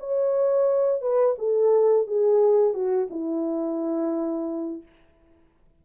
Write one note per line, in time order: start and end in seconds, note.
0.00 1.02 C#5
1.02 1.36 B4
1.39 2.07 A4
2.07 2.74 G#4
2.74 3.08 F#4
3.10 4.83 E4